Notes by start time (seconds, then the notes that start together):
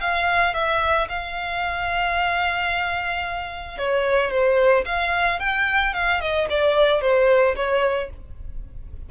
0.00 F5
0.54 E5
1.08 F5
3.78 C#5
4.30 C5
4.85 F5
5.39 G5
5.93 F5
6.20 D#5
6.49 D5
7.01 C5
7.56 C#5